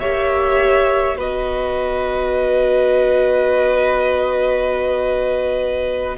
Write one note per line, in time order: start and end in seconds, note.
0.00 1.20 A#3
0.00 1.16 G4
0.00 1.17 C#5
0.00 1.18 E5
1.16 6.18 B3
1.16 6.16 F#4
1.16 6.17 B4
1.16 6.18 D#5